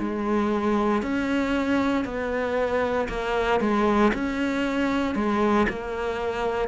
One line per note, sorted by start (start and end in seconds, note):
0.00 1.03 G#3
1.03 2.05 C#4
2.05 3.08 B3
3.09 3.61 A#3
3.61 4.12 G#3
4.14 5.16 C#4
5.16 5.68 G#3
5.70 6.69 A#3